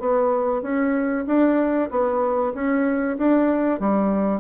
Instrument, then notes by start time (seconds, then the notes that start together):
bassoon
0.00 B3
0.62 C#4
1.27 D4
1.91 B3
2.54 C#4
3.18 D4
3.80 G3